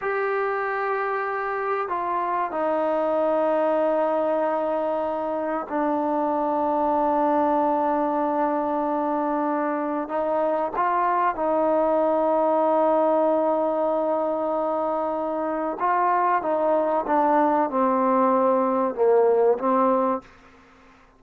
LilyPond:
\new Staff \with { instrumentName = "trombone" } { \time 4/4 \tempo 4 = 95 g'2. f'4 | dis'1~ | dis'4 d'2.~ | d'1 |
dis'4 f'4 dis'2~ | dis'1~ | dis'4 f'4 dis'4 d'4 | c'2 ais4 c'4 | }